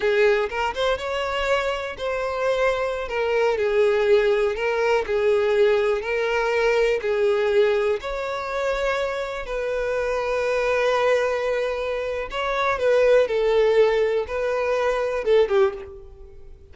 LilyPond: \new Staff \with { instrumentName = "violin" } { \time 4/4 \tempo 4 = 122 gis'4 ais'8 c''8 cis''2 | c''2~ c''16 ais'4 gis'8.~ | gis'4~ gis'16 ais'4 gis'4.~ gis'16~ | gis'16 ais'2 gis'4.~ gis'16~ |
gis'16 cis''2. b'8.~ | b'1~ | b'4 cis''4 b'4 a'4~ | a'4 b'2 a'8 g'8 | }